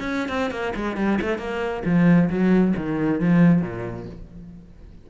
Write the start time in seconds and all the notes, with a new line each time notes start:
0.00 C#4
0.29 C4
0.51 A#3
0.76 G#3
0.97 G3
1.21 A3
1.38 A#3
1.85 F3
2.30 F#3
2.77 D#3
3.20 F3
3.62 A#2